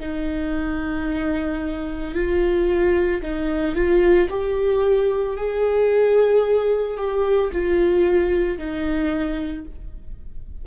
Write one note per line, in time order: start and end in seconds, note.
0.00 2.14 D#4
2.14 3.21 F4
3.22 3.75 D#4
3.75 4.29 F4
4.29 5.36 G4
5.36 6.97 G#4
6.97 7.50 G4
7.52 8.58 F4
8.58 9.65 D#4